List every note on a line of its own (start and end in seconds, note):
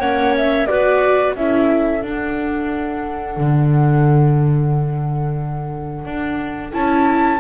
0.00 0.68 A#3
0.00 0.68 C#4
0.00 0.67 C#5
0.00 0.35 F#5
0.37 0.66 E5
0.66 1.35 B3
0.66 1.36 F#4
0.66 1.36 B4
0.66 1.34 D5
1.35 2.02 C#4
1.35 2.04 E4
1.35 7.40 A4
1.35 2.02 E5
2.02 3.37 D4
2.02 6.73 D4
2.02 6.74 F#5
3.37 6.05 D3
6.05 6.73 D4
6.73 7.40 C#4
6.73 7.40 E4
6.73 7.40 A5